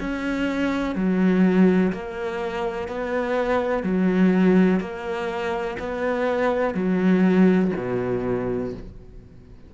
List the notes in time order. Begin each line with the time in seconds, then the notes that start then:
0.00 C#4
0.95 F#3
1.92 A#3
2.88 B3
3.83 F#3
4.80 A#3
5.79 B3
6.74 F#3
7.77 B2